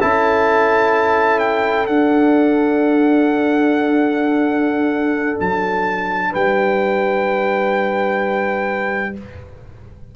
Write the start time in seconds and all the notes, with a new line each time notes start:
0.00 C#4 E4 A4 A5
1.39 G5
1.86 D4 F#5
5.40 F#3 A5
6.30 G3 B4 G5